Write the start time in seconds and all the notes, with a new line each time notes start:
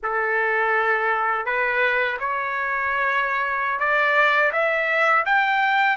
0.02 A4
1.45 B4
2.19 C#5
3.79 D5
4.52 E5
5.25 G5